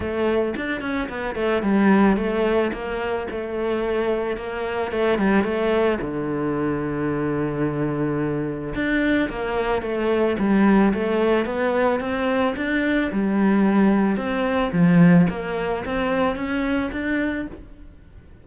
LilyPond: \new Staff \with { instrumentName = "cello" } { \time 4/4 \tempo 4 = 110 a4 d'8 cis'8 b8 a8 g4 | a4 ais4 a2 | ais4 a8 g8 a4 d4~ | d1 |
d'4 ais4 a4 g4 | a4 b4 c'4 d'4 | g2 c'4 f4 | ais4 c'4 cis'4 d'4 | }